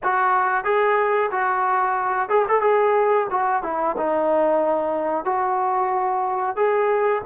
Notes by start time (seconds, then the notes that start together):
0.03 F#4
0.64 G#4
1.31 F#4
2.29 G#4
2.48 A4
2.61 G#4
3.30 F#4
3.63 E4
3.97 D#4
5.24 F#4
6.56 G#4